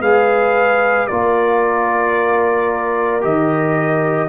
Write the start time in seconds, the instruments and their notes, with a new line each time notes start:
0.00 tuba G#3, trombone G#4, horn B4, trumpet F5
1.07 tuba A#3, trombone F4, horn A#4, trumpet D5
3.21 tuba D#3, trombone G4, trumpet D#5